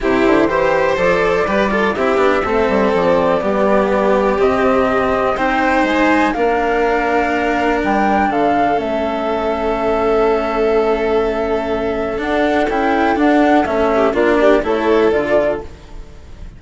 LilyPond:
<<
  \new Staff \with { instrumentName = "flute" } { \time 4/4 \tempo 4 = 123 c''2 d''2 | e''2 d''2~ | d''4 dis''2 g''4 | gis''4 f''2. |
g''4 f''4 e''2~ | e''1~ | e''4 fis''4 g''4 fis''4 | e''4 d''4 cis''4 d''4 | }
  \new Staff \with { instrumentName = "violin" } { \time 4/4 g'4 c''2 b'8 a'8 | g'4 a'2 g'4~ | g'2. c''4~ | c''4 ais'2.~ |
ais'4 a'2.~ | a'1~ | a'1~ | a'8 g'8 f'8 g'8 a'2 | }
  \new Staff \with { instrumentName = "cello" } { \time 4/4 e'4 g'4 a'4 g'8 f'8 | e'8 d'8 c'2 b4~ | b4 c'2 dis'4~ | dis'4 d'2.~ |
d'2 cis'2~ | cis'1~ | cis'4 d'4 e'4 d'4 | cis'4 d'4 e'4 f'4 | }
  \new Staff \with { instrumentName = "bassoon" } { \time 4/4 c8 d8 e4 f4 g4 | c'8 b8 a8 g8 f4 g4~ | g4 c2 c'4 | gis4 ais2. |
g4 d4 a2~ | a1~ | a4 d'4 cis'4 d'4 | a4 ais4 a4 d4 | }
>>